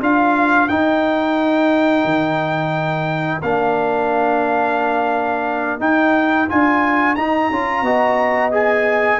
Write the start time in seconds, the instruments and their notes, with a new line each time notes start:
0.00 tuba D4, trombone F4, horn A#4, trumpet F5
0.68 trombone D#4, tuba D#4, trumpet G5
2.05 tuba D#3
3.42 tuba A#3, trombone D4, trumpet F5
5.80 trombone D#4, tuba D#4, trumpet G5
6.49 tuba D4, trombone F4, trumpet G#5
7.15 tuba D#4, trombone D#4, trumpet A#5
7.50 tuba C#4, trombone F4
7.82 tuba B3, trombone F#4, horn D#5
8.52 trombone G#4, trumpet G#5